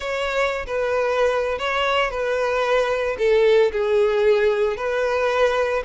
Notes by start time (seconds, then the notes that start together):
0.00 C#5
0.66 B4
1.58 C#5
2.10 B4
3.18 A4
3.72 G#4
4.76 B4